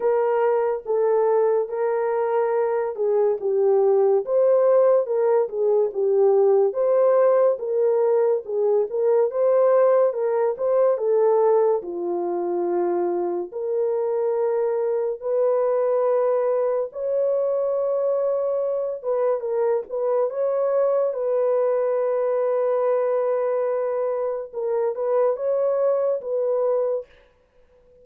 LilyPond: \new Staff \with { instrumentName = "horn" } { \time 4/4 \tempo 4 = 71 ais'4 a'4 ais'4. gis'8 | g'4 c''4 ais'8 gis'8 g'4 | c''4 ais'4 gis'8 ais'8 c''4 | ais'8 c''8 a'4 f'2 |
ais'2 b'2 | cis''2~ cis''8 b'8 ais'8 b'8 | cis''4 b'2.~ | b'4 ais'8 b'8 cis''4 b'4 | }